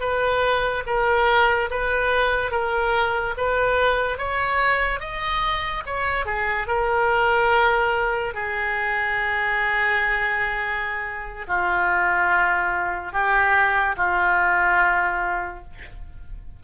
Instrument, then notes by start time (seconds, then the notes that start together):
oboe
0.00 B4
0.86 A#4
1.70 B4
2.51 A#4
3.37 B4
4.18 C#5
5.00 D#5
5.86 C#5
6.25 G#4
6.67 A#4
8.34 G#4
11.48 F4
13.12 G4
13.97 F4